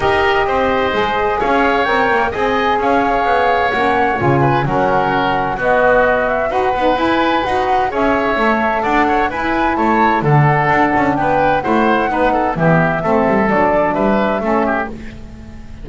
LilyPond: <<
  \new Staff \with { instrumentName = "flute" } { \time 4/4 \tempo 4 = 129 dis''2. f''4 | g''4 gis''4 f''2 | fis''4 gis''4 fis''2 | dis''4. e''8 fis''4 gis''4 |
fis''4 e''2 fis''4 | gis''4 a''4 fis''2 | g''4 fis''2 e''4~ | e''4 d''4 e''2 | }
  \new Staff \with { instrumentName = "oboe" } { \time 4/4 ais'4 c''2 cis''4~ | cis''4 dis''4 cis''2~ | cis''4. b'8 ais'2 | fis'2 b'2~ |
b'4 cis''2 d''8 cis''8 | b'4 cis''4 a'2 | b'4 c''4 b'8 a'8 g'4 | a'2 b'4 a'8 g'8 | }
  \new Staff \with { instrumentName = "saxophone" } { \time 4/4 g'2 gis'2 | ais'4 gis'2. | cis'4 f'4 cis'2 | b2 fis'8 dis'8 e'4 |
fis'4 gis'4 a'2 | e'2 d'2~ | d'4 e'4 dis'4 b4 | c'4 d'2 cis'4 | }
  \new Staff \with { instrumentName = "double bass" } { \time 4/4 dis'4 c'4 gis4 cis'4 | c'8 ais8 c'4 cis'4 b4 | ais4 cis4 fis2 | b2 dis'8 b8 e'4 |
dis'4 cis'4 a4 d'4 | e'4 a4 d4 d'8 cis'8 | b4 a4 b4 e4 | a8 g8 fis4 g4 a4 | }
>>